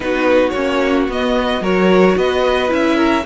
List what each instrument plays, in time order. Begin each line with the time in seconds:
0.00 cello B3, viola D#4, violin F#4 B4
0.49 cello A#3, viola C#4, violin C#5
1.08 cello B3, viola B3, violin D#5
1.60 cello F#3, viola F#4, violin A#4 C#5
2.16 cello B3, violin B4 D#5
2.68 cello C#4, viola E4, violin E5
2.96 violin A#4